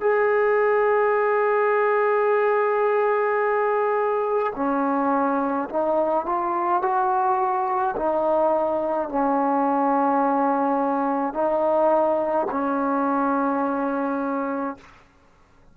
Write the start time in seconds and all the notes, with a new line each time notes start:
0.00 G#4
4.55 C#4
5.69 D#4
6.26 F4
6.82 F#4
7.96 D#4
9.09 C#4
11.34 D#4
12.50 C#4